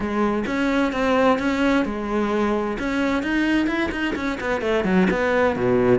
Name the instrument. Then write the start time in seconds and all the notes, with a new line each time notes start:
cello
0.00 G#3
0.46 C#4
0.92 C4
1.38 C#4
1.85 G#3
2.79 C#4
3.22 D#4
3.66 E4
3.91 D#4
4.15 C#4
4.40 B3
4.61 A3
4.84 F#3
5.10 B3
5.56 B2